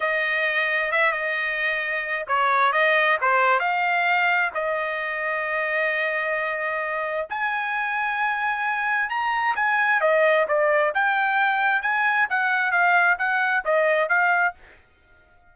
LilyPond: \new Staff \with { instrumentName = "trumpet" } { \time 4/4 \tempo 4 = 132 dis''2 e''8 dis''4.~ | dis''4 cis''4 dis''4 c''4 | f''2 dis''2~ | dis''1 |
gis''1 | ais''4 gis''4 dis''4 d''4 | g''2 gis''4 fis''4 | f''4 fis''4 dis''4 f''4 | }